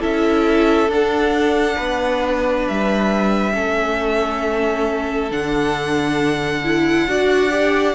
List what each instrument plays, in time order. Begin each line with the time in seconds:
0.00 cello C#4, viola E4, violin A4 E5
0.89 cello D4, viola D4, violin F#5
1.76 cello B3, violin B4
2.68 cello G3, violin E5
3.53 cello A3, viola C#4, violin A4
5.31 cello D3, viola D4, violin F#5
6.64 viola E4
7.07 cello D4, viola F#4, violin D5
7.50 viola G4